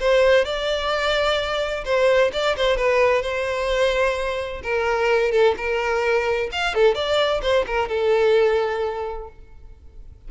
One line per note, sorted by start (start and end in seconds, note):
0.00 0.45 C5
0.45 1.84 D5
1.85 2.31 C5
2.33 2.56 D5
2.56 2.77 C5
2.77 3.22 B4
3.22 4.62 C5
4.63 5.31 A#4
5.31 5.55 A4
5.57 6.50 A#4
6.52 6.74 F5
6.74 6.95 A4
6.95 7.41 D5
7.42 7.65 C5
7.67 7.89 A#4
7.89 9.28 A4